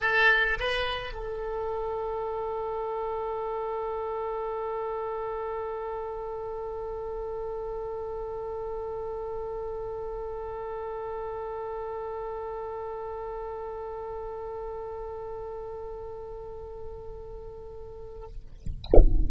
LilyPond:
\new Staff \with { instrumentName = "oboe" } { \time 4/4 \tempo 4 = 105 a'4 b'4 a'2~ | a'1~ | a'1~ | a'1~ |
a'1~ | a'1~ | a'1~ | a'1 | }